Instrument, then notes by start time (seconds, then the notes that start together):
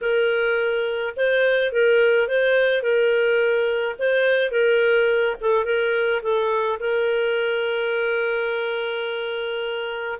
clarinet
0.01 A#4
1.16 C5
1.72 A#4
2.27 C5
2.82 A#4
3.99 C5
4.51 A#4
5.40 A4
5.64 A#4
6.22 A4
6.79 A#4